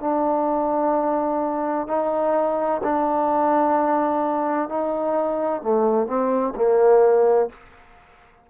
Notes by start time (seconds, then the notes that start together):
0.00 D4
1.87 D#4
2.83 D4
4.69 D#4
5.62 A3
6.07 C4
6.55 A#3